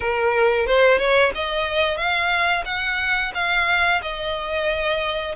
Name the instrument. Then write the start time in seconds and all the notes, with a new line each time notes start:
violin
0.00 A#4
0.66 C5
0.98 C#5
1.35 D#5
1.97 F5
2.65 F#5
3.34 F5
4.02 D#5